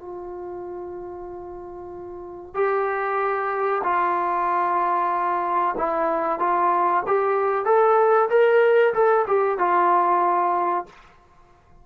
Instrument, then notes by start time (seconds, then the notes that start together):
trombone
0.00 F4
2.55 G4
3.84 F4
5.78 E4
6.40 F4
7.07 G4
7.66 A4
8.30 A#4
8.94 A4
9.28 G4
9.59 F4